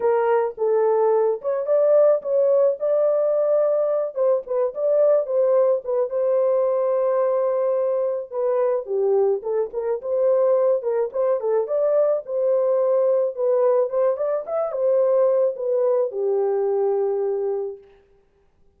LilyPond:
\new Staff \with { instrumentName = "horn" } { \time 4/4 \tempo 4 = 108 ais'4 a'4. cis''8 d''4 | cis''4 d''2~ d''8 c''8 | b'8 d''4 c''4 b'8 c''4~ | c''2. b'4 |
g'4 a'8 ais'8 c''4. ais'8 | c''8 a'8 d''4 c''2 | b'4 c''8 d''8 e''8 c''4. | b'4 g'2. | }